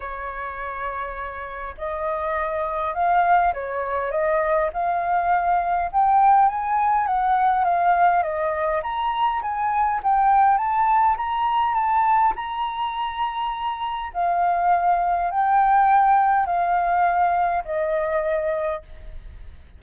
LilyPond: \new Staff \with { instrumentName = "flute" } { \time 4/4 \tempo 4 = 102 cis''2. dis''4~ | dis''4 f''4 cis''4 dis''4 | f''2 g''4 gis''4 | fis''4 f''4 dis''4 ais''4 |
gis''4 g''4 a''4 ais''4 | a''4 ais''2. | f''2 g''2 | f''2 dis''2 | }